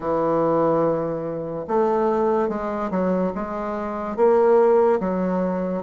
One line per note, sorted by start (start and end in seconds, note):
0.00 1.66 E3
1.67 2.48 A3
2.48 2.90 G#3
2.90 3.32 F#3
3.34 4.16 G#3
4.16 4.99 A#3
5.00 5.83 F#3